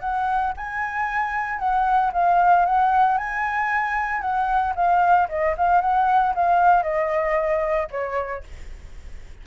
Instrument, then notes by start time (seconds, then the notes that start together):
flute
0.00 F#5
0.57 G#5
1.59 F#5
2.13 F5
2.66 F#5
3.17 G#5
4.21 F#5
4.75 F5
5.29 D#5
5.57 F5
5.81 F#5
6.35 F5
6.83 D#5
7.91 C#5